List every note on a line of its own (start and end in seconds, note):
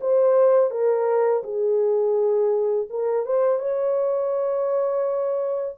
0.00 0.70 C5
0.70 1.43 A#4
1.43 2.88 G#4
2.89 3.25 A#4
3.25 3.58 C5
3.58 5.75 C#5